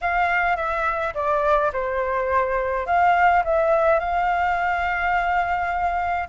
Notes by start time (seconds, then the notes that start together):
0.01 F5
0.56 E5
1.14 D5
1.72 C5
2.86 F5
3.44 E5
3.99 F5